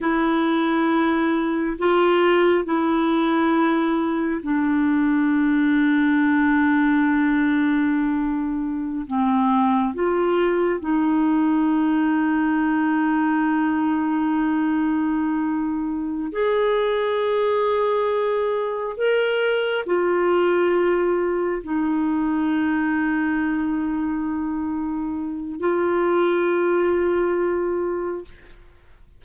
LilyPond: \new Staff \with { instrumentName = "clarinet" } { \time 4/4 \tempo 4 = 68 e'2 f'4 e'4~ | e'4 d'2.~ | d'2~ d'16 c'4 f'8.~ | f'16 dis'2.~ dis'8.~ |
dis'2~ dis'8 gis'4.~ | gis'4. ais'4 f'4.~ | f'8 dis'2.~ dis'8~ | dis'4 f'2. | }